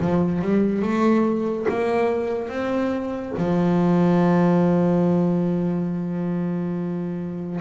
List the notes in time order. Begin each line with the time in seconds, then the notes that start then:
0.00 F3
0.41 G3
0.82 A3
1.69 A#3
2.49 C4
3.38 F3